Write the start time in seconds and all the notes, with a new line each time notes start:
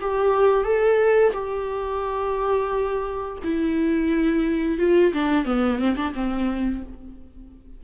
0.00 G4
0.64 A4
1.33 G4
3.44 E4
4.78 F4
5.13 D4
5.45 B3
5.78 C4
5.96 D4
6.14 C4